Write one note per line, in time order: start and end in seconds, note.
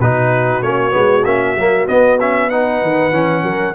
0.00 0.62 B2
0.00 0.63 D#4
0.00 2.51 F#4
0.00 0.63 B4
0.63 0.94 A#3
0.63 0.91 C#4
0.63 1.25 C#5
0.91 1.25 G#3
0.91 1.22 B3
1.25 1.56 A#3
1.25 1.57 C#4
1.25 1.87 E5
1.56 1.88 F#3
1.56 1.88 A#3
1.88 2.19 B3
1.88 2.83 B3
1.88 2.19 D#5
2.20 2.51 C#4
2.20 2.50 E5
2.50 3.12 D#4
2.50 3.44 B4
2.50 3.75 F#5
2.83 3.12 D#3
3.12 3.43 E3
3.12 3.75 C#4
3.43 3.74 F#3
3.43 3.75 A#4